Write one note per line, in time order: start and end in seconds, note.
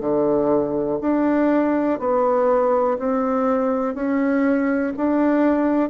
0.00 0.98 D3
1.01 1.99 D4
1.99 2.98 B3
2.99 3.94 C4
3.94 4.93 C#4
4.97 5.89 D4